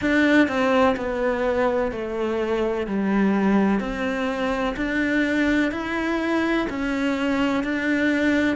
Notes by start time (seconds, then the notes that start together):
0.01 D4
0.48 C4
0.96 B3
1.91 A3
2.86 G3
3.80 C4
4.76 D4
5.71 E4
6.69 C#4
7.63 D4